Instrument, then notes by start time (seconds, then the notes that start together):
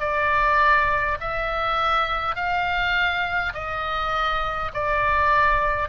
oboe
0.00 D5
1.20 E5
2.35 F5
3.54 D#5
4.74 D5